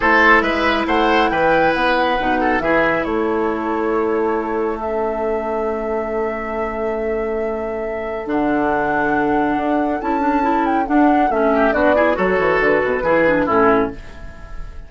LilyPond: <<
  \new Staff \with { instrumentName = "flute" } { \time 4/4 \tempo 4 = 138 c''4 e''4 fis''4 g''4 | fis''2 e''4 cis''4~ | cis''2. e''4~ | e''1~ |
e''2. fis''4~ | fis''2. a''4~ | a''8 g''8 fis''4 e''4 d''4 | cis''4 b'2 a'4 | }
  \new Staff \with { instrumentName = "oboe" } { \time 4/4 a'4 b'4 c''4 b'4~ | b'4. a'8 gis'4 a'4~ | a'1~ | a'1~ |
a'1~ | a'1~ | a'2~ a'8 g'8 fis'8 gis'8 | a'2 gis'4 e'4 | }
  \new Staff \with { instrumentName = "clarinet" } { \time 4/4 e'1~ | e'4 dis'4 e'2~ | e'2. cis'4~ | cis'1~ |
cis'2. d'4~ | d'2. e'8 d'8 | e'4 d'4 cis'4 d'8 e'8 | fis'2 e'8 d'8 cis'4 | }
  \new Staff \with { instrumentName = "bassoon" } { \time 4/4 a4 gis4 a4 e4 | b4 b,4 e4 a4~ | a1~ | a1~ |
a2. d4~ | d2 d'4 cis'4~ | cis'4 d'4 a4 b4 | fis8 e8 d8 b,8 e4 a,4 | }
>>